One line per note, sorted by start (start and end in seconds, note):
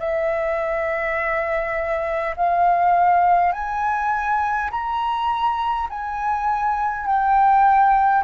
0.00 2.35 E5
2.37 3.53 F5
3.53 4.71 G#5
4.71 5.89 A#5
5.90 7.07 G#5
7.07 8.25 G5